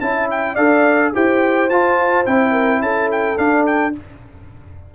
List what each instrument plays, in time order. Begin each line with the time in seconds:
0.00 tuba C#4, trombone E4, horn E5, trumpet A5
0.30 trumpet G5
0.54 tuba D4, trombone A4, horn D5, trumpet F5
1.13 tuba E4, trombone G4, horn C5, trumpet G5
1.69 tuba F4, trombone F4, trumpet A5
2.25 tuba C4, trombone E4, trumpet G5
2.51 horn A#4
2.80 tuba C#4, horn A4, trumpet A5
3.11 trumpet G5
3.36 trombone D4, tuba D4, trumpet F5
3.66 trumpet G5